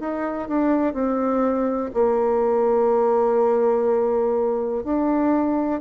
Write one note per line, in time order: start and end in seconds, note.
0.00 0.48 D#4
0.48 0.94 D4
0.94 1.91 C4
1.94 4.84 A#3
4.84 5.81 D4